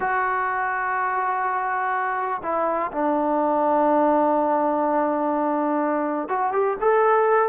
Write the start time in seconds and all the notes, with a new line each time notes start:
0.00 F#4
2.42 E4
2.92 D4
6.28 F#4
6.52 G4
6.80 A4